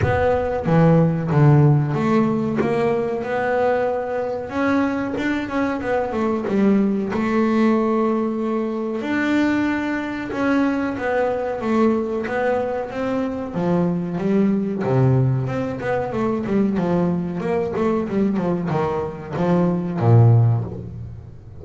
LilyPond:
\new Staff \with { instrumentName = "double bass" } { \time 4/4 \tempo 4 = 93 b4 e4 d4 a4 | ais4 b2 cis'4 | d'8 cis'8 b8 a8 g4 a4~ | a2 d'2 |
cis'4 b4 a4 b4 | c'4 f4 g4 c4 | c'8 b8 a8 g8 f4 ais8 a8 | g8 f8 dis4 f4 ais,4 | }